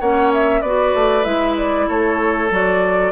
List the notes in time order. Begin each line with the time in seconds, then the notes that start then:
0.00 A#3 C#4 C#5 F#5
0.33 E5
0.61 B3 F#4 B4 D5
0.94 A3
1.24 G#3 E4 E5
1.57 D5
1.88 A3 A4 C#5
2.50 F#3 F#4 D5